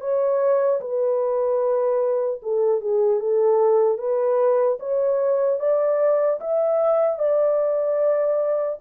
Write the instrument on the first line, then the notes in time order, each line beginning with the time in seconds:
horn
0.00 C#5
0.80 B4
2.42 A4
2.80 G#4
3.20 A4
3.98 B4
4.79 C#5
5.59 D5
6.40 E5
7.19 D5